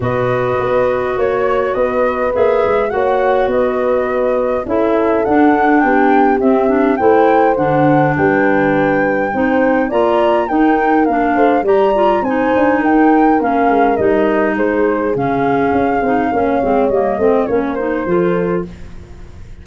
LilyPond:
<<
  \new Staff \with { instrumentName = "flute" } { \time 4/4 \tempo 4 = 103 dis''2 cis''4 dis''4 | e''4 fis''4 dis''2 | e''4 fis''4 g''4 e''4 | g''4 fis''4 g''2~ |
g''4 ais''4 g''4 f''4 | ais''4 gis''4 g''4 f''4 | dis''4 c''4 f''2~ | f''4 dis''4 cis''8 c''4. | }
  \new Staff \with { instrumentName = "horn" } { \time 4/4 b'2 cis''4 b'4~ | b'4 cis''4 b'2 | a'2 g'2 | c''2 b'2 |
c''4 d''4 ais'4. c''8 | d''4 c''4 ais'2~ | ais'4 gis'2. | cis''4. c''8 ais'4 a'4 | }
  \new Staff \with { instrumentName = "clarinet" } { \time 4/4 fis'1 | gis'4 fis'2. | e'4 d'2 c'8 d'8 | e'4 d'2. |
dis'4 f'4 dis'4 d'4 | g'8 f'8 dis'2 cis'4 | dis'2 cis'4. dis'8 | cis'8 c'8 ais8 c'8 cis'8 dis'8 f'4 | }
  \new Staff \with { instrumentName = "tuba" } { \time 4/4 b,4 b4 ais4 b4 | ais8 gis8 ais4 b2 | cis'4 d'4 b4 c'4 | a4 d4 g2 |
c'4 ais4 dis'4 ais8 a8 | g4 c'8 d'8 dis'4 ais8 gis8 | g4 gis4 cis4 cis'8 c'8 | ais8 gis8 g8 a8 ais4 f4 | }
>>